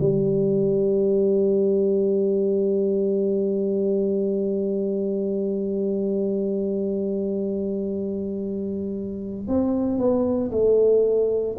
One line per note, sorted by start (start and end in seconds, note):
0.00 9.47 G3
9.47 9.98 C4
9.98 10.51 B3
10.51 11.56 A3